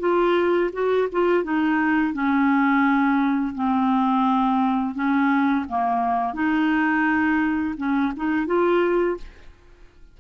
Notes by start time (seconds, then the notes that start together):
0.00 F4
0.73 F#4
1.12 F4
1.44 D#4
2.14 C#4
3.55 C4
4.95 C#4
5.69 A#3
6.34 D#4
7.78 C#4
8.17 D#4
8.47 F4